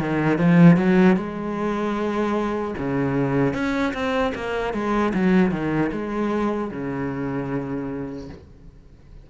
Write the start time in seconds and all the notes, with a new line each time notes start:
0.00 D#3
0.38 F3
0.77 F#3
1.17 G#3
2.78 C#3
3.54 C#4
3.94 C4
4.35 A#3
4.74 G#3
5.14 F#3
5.52 D#3
5.92 G#3
6.71 C#3